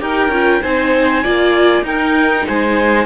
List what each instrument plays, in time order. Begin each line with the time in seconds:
0.00 cello D#4, viola G4, violin A#4, clarinet G5
0.28 cello C#4, viola F4
0.62 cello C4, viola D#4, violin C5, clarinet G#5
1.23 cello A#3, viola F4, violin D5
1.82 cello D#4, viola D#4, violin A#4, clarinet G5
2.47 cello G#3, violin C5, clarinet G#5